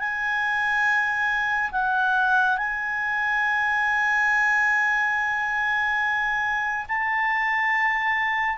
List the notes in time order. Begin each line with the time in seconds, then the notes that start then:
0.00 G#5
1.72 F#5
2.58 G#5
6.89 A5